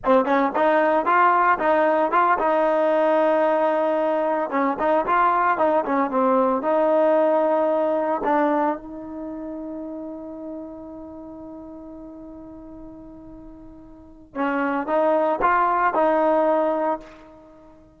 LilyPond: \new Staff \with { instrumentName = "trombone" } { \time 4/4 \tempo 4 = 113 c'8 cis'8 dis'4 f'4 dis'4 | f'8 dis'2.~ dis'8~ | dis'8 cis'8 dis'8 f'4 dis'8 cis'8 c'8~ | c'8 dis'2. d'8~ |
d'8 dis'2.~ dis'8~ | dis'1~ | dis'2. cis'4 | dis'4 f'4 dis'2 | }